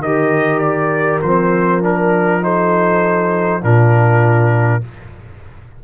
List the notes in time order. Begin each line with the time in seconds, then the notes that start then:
0.00 D#3 G4 A#4 D#5
0.59 D5
1.22 F3 C4 C5
1.81 D4 A#4
2.41 D#4 A4 C5
3.61 A#2 D4 F4 A#4